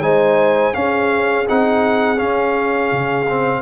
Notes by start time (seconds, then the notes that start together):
0.00 G#3 D#4 C5 G#5
0.73 C#4 G#4 F5
1.48 C4 D#4 F#5
2.17 C#4 F5
2.91 C#3
3.28 C4